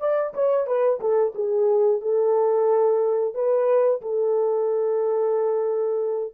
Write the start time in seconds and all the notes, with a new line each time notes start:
0.00 D5
0.34 C#5
0.67 B4
1.00 A4
1.35 G#4
2.01 A4
3.34 B4
4.02 A4